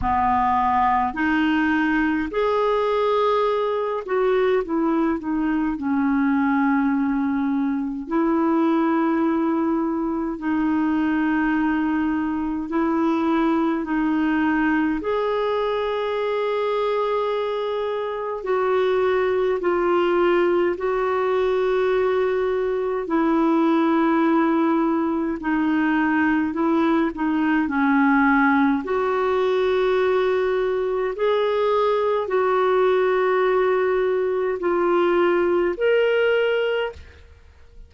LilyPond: \new Staff \with { instrumentName = "clarinet" } { \time 4/4 \tempo 4 = 52 b4 dis'4 gis'4. fis'8 | e'8 dis'8 cis'2 e'4~ | e'4 dis'2 e'4 | dis'4 gis'2. |
fis'4 f'4 fis'2 | e'2 dis'4 e'8 dis'8 | cis'4 fis'2 gis'4 | fis'2 f'4 ais'4 | }